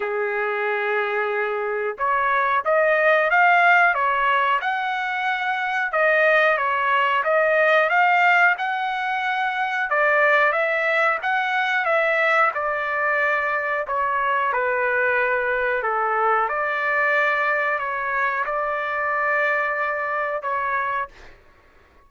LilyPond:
\new Staff \with { instrumentName = "trumpet" } { \time 4/4 \tempo 4 = 91 gis'2. cis''4 | dis''4 f''4 cis''4 fis''4~ | fis''4 dis''4 cis''4 dis''4 | f''4 fis''2 d''4 |
e''4 fis''4 e''4 d''4~ | d''4 cis''4 b'2 | a'4 d''2 cis''4 | d''2. cis''4 | }